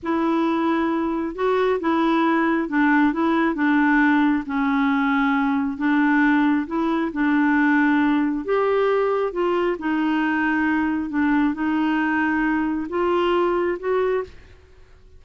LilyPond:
\new Staff \with { instrumentName = "clarinet" } { \time 4/4 \tempo 4 = 135 e'2. fis'4 | e'2 d'4 e'4 | d'2 cis'2~ | cis'4 d'2 e'4 |
d'2. g'4~ | g'4 f'4 dis'2~ | dis'4 d'4 dis'2~ | dis'4 f'2 fis'4 | }